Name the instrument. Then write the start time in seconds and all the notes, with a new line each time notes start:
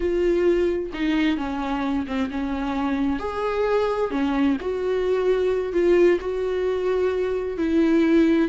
viola
0.00 F4
0.93 D#4
1.37 C#4
2.06 C4
2.30 C#4
3.19 G#4
4.11 C#4
4.60 F#4
5.73 F4
6.20 F#4
7.57 E4